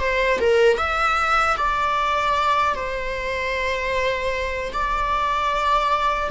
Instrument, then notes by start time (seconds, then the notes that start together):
viola
0.00 C5
0.40 A#4
0.78 E5
1.58 D5
2.75 C5
4.73 D5